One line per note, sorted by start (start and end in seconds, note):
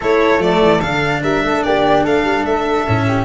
0.00 0.38 A3
0.00 0.38 E4
0.00 1.21 A4
0.00 0.42 C#5
0.38 0.58 F3
0.38 0.79 A3
0.38 0.81 D5
0.61 0.81 E3
0.81 1.23 D3
0.81 2.86 D4
0.81 1.21 F5
1.22 1.43 G3
1.22 1.42 A#4
1.22 1.62 E5
1.43 1.64 A3
1.43 1.64 A4
1.62 2.05 A#3
1.62 2.03 G4
1.62 2.03 D5
2.03 2.23 A3
2.03 3.05 A4
2.03 2.45 F5
2.23 2.42 G3
2.42 2.83 A3
2.42 3.25 E5
2.86 3.25 A2
2.86 3.25 C#4
3.07 3.25 G4